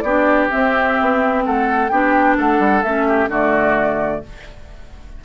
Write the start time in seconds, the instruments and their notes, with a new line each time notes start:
0.00 bassoon B3, clarinet D4, oboe G4, flute D5
0.50 clarinet C4, bassoon C4, flute E5
1.01 bassoon B3
1.45 bassoon A3, oboe A4, flute F#5
1.88 bassoon B3, clarinet D4, oboe G4, flute G5
2.37 bassoon A3, oboe A4, flute F#5
2.59 bassoon G3
2.83 bassoon A3, clarinet C#4, flute E5
3.07 oboe G4
3.28 bassoon D3, clarinet A3, oboe F#4, flute D5